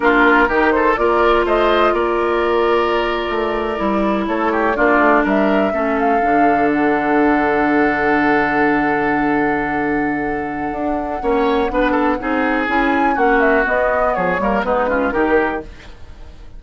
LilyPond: <<
  \new Staff \with { instrumentName = "flute" } { \time 4/4 \tempo 4 = 123 ais'4. c''8 d''4 dis''4 | d''1~ | d''8. cis''4 d''4 e''4~ e''16~ | e''16 f''4. fis''2~ fis''16~ |
fis''1~ | fis''1~ | fis''2 gis''4 fis''8 e''8 | dis''4 cis''4 b'4 ais'4 | }
  \new Staff \with { instrumentName = "oboe" } { \time 4/4 f'4 g'8 a'8 ais'4 c''4 | ais'1~ | ais'8. a'8 g'8 f'4 ais'4 a'16~ | a'1~ |
a'1~ | a'2. cis''4 | b'8 a'8 gis'2 fis'4~ | fis'4 gis'8 ais'8 dis'8 f'8 g'4 | }
  \new Staff \with { instrumentName = "clarinet" } { \time 4/4 d'4 dis'4 f'2~ | f'2.~ f'8. e'16~ | e'4.~ e'16 d'2 cis'16~ | cis'8. d'2.~ d'16~ |
d'1~ | d'2. cis'4 | d'4 dis'4 e'4 cis'4 | b4. ais8 b8 cis'8 dis'4 | }
  \new Staff \with { instrumentName = "bassoon" } { \time 4/4 ais4 dis4 ais4 a4 | ais2~ ais8. a4 g16~ | g8. a4 ais8 a8 g4 a16~ | a8. d2.~ d16~ |
d1~ | d2 d'4 ais4 | b4 c'4 cis'4 ais4 | b4 f8 g8 gis4 dis4 | }
>>